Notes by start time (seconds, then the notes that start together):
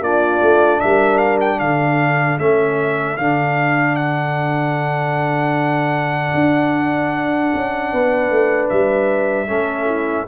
0.00 A#3 D4 F4 D5
0.41 A3
0.80 G3 A#4 E5
1.18 F5
1.41 G5
1.59 D3 A4 F5
2.39 A3 C#4 E5
3.17 D3 D4 F5
3.95 F#5
6.34 D4
7.54 C#4
7.92 B3 B4
8.30 A3
8.70 G3 E5
9.48 A3 C#4 A4
9.86 E4